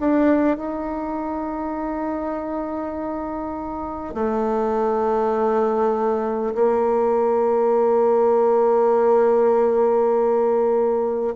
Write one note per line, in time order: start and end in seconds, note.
0.00 0.57 D4
0.57 4.15 D#4
4.15 6.55 A3
6.55 11.35 A#3